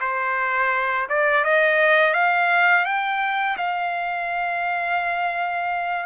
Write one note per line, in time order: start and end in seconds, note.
0.00 1.07 C5
1.09 1.44 D5
1.44 2.13 D#5
2.13 2.85 F5
2.85 3.56 G5
3.57 6.06 F5